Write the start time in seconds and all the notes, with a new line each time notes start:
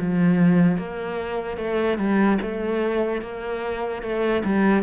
0.00 F3
0.78 A#3
1.58 A3
1.98 G3
2.42 A3
3.22 A#3
4.02 A3
4.45 G3